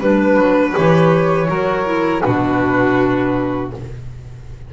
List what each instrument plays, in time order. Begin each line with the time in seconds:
0.00 double bass G3, clarinet D4, violin B4, flute B4
0.37 double bass F#3
0.76 double bass E3, clarinet G4, flute C#5
1.48 double bass F#3, clarinet F#4, violin A#4
1.85 clarinet E4
2.23 double bass B2, clarinet D4, violin F#4, flute B4